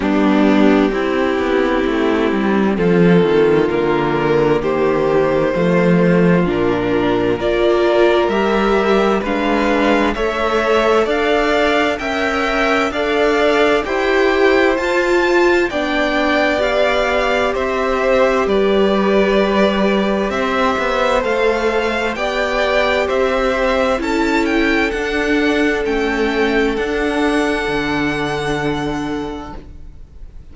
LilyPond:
<<
  \new Staff \with { instrumentName = "violin" } { \time 4/4 \tempo 4 = 65 g'2. a'4 | ais'4 c''2 ais'4 | d''4 e''4 f''4 e''4 | f''4 g''4 f''4 g''4 |
a''4 g''4 f''4 e''4 | d''2 e''4 f''4 | g''4 e''4 a''8 g''8 fis''4 | g''4 fis''2. | }
  \new Staff \with { instrumentName = "violin" } { \time 4/4 d'4 e'2 f'4~ | f'4 g'4 f'2 | ais'2 b'4 cis''4 | d''4 e''4 d''4 c''4~ |
c''4 d''2 c''4 | b'2 c''2 | d''4 c''4 a'2~ | a'1 | }
  \new Staff \with { instrumentName = "viola" } { \time 4/4 b4 c'2. | ais2 a4 d'4 | f'4 g'4 d'4 a'4~ | a'4 ais'4 a'4 g'4 |
f'4 d'4 g'2~ | g'2. a'4 | g'2 e'4 d'4 | cis'4 d'2. | }
  \new Staff \with { instrumentName = "cello" } { \time 4/4 g4 c'8 b8 a8 g8 f8 dis8 | d4 dis4 f4 ais,4 | ais4 g4 gis4 a4 | d'4 cis'4 d'4 e'4 |
f'4 b2 c'4 | g2 c'8 b8 a4 | b4 c'4 cis'4 d'4 | a4 d'4 d2 | }
>>